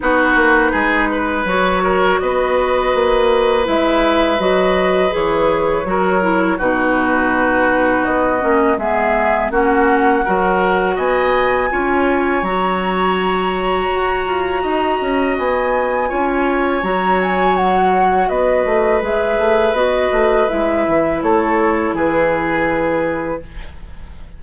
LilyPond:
<<
  \new Staff \with { instrumentName = "flute" } { \time 4/4 \tempo 4 = 82 b'2 cis''4 dis''4~ | dis''4 e''4 dis''4 cis''4~ | cis''4 b'2 dis''4 | e''4 fis''2 gis''4~ |
gis''4 ais''2.~ | ais''4 gis''2 ais''8 gis''8 | fis''4 dis''4 e''4 dis''4 | e''4 cis''4 b'2 | }
  \new Staff \with { instrumentName = "oboe" } { \time 4/4 fis'4 gis'8 b'4 ais'8 b'4~ | b'1 | ais'4 fis'2. | gis'4 fis'4 ais'4 dis''4 |
cis''1 | dis''2 cis''2~ | cis''4 b'2.~ | b'4 a'4 gis'2 | }
  \new Staff \with { instrumentName = "clarinet" } { \time 4/4 dis'2 fis'2~ | fis'4 e'4 fis'4 gis'4 | fis'8 e'8 dis'2~ dis'8 cis'8 | b4 cis'4 fis'2 |
f'4 fis'2.~ | fis'2 f'4 fis'4~ | fis'2 gis'4 fis'4 | e'1 | }
  \new Staff \with { instrumentName = "bassoon" } { \time 4/4 b8 ais8 gis4 fis4 b4 | ais4 gis4 fis4 e4 | fis4 b,2 b8 ais8 | gis4 ais4 fis4 b4 |
cis'4 fis2 fis'8 f'8 | dis'8 cis'8 b4 cis'4 fis4~ | fis4 b8 a8 gis8 a8 b8 a8 | gis8 e8 a4 e2 | }
>>